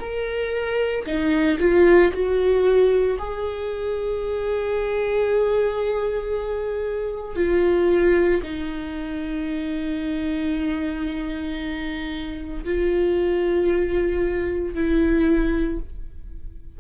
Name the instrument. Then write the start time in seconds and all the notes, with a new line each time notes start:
viola
0.00 A#4
1.06 D#4
1.59 F4
2.13 F#4
3.19 G#4
7.36 F4
8.43 D#4
12.65 F4
14.75 E4